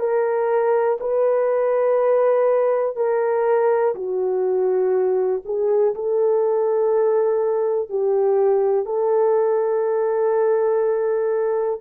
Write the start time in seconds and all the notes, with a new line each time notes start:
0.00 A#4
1.01 B4
2.96 A#4
3.95 F#4
5.45 G#4
5.95 A4
7.90 G4
8.86 A4